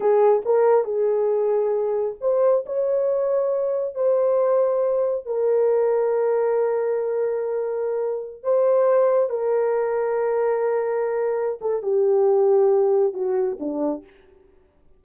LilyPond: \new Staff \with { instrumentName = "horn" } { \time 4/4 \tempo 4 = 137 gis'4 ais'4 gis'2~ | gis'4 c''4 cis''2~ | cis''4 c''2. | ais'1~ |
ais'2.~ ais'16 c''8.~ | c''4~ c''16 ais'2~ ais'8.~ | ais'2~ ais'8 a'8 g'4~ | g'2 fis'4 d'4 | }